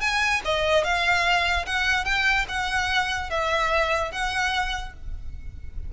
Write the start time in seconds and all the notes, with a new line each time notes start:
0.00 G#5
0.45 D#5
0.84 F5
1.66 F#5
2.05 G5
2.48 F#5
3.30 E5
4.11 F#5